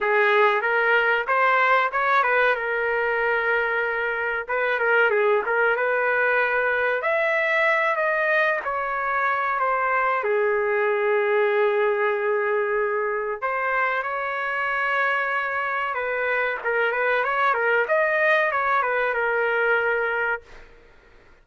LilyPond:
\new Staff \with { instrumentName = "trumpet" } { \time 4/4 \tempo 4 = 94 gis'4 ais'4 c''4 cis''8 b'8 | ais'2. b'8 ais'8 | gis'8 ais'8 b'2 e''4~ | e''8 dis''4 cis''4. c''4 |
gis'1~ | gis'4 c''4 cis''2~ | cis''4 b'4 ais'8 b'8 cis''8 ais'8 | dis''4 cis''8 b'8 ais'2 | }